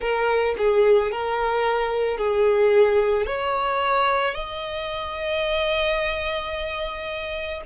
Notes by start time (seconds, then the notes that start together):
0.00 A#4
0.57 G#4
1.11 A#4
2.17 G#4
3.26 C#5
4.34 D#5